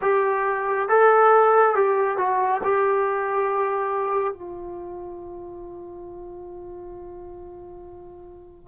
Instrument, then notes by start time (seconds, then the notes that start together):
trombone
0.01 G4
0.88 A4
1.75 G4
2.17 F#4
2.63 G4
4.33 F4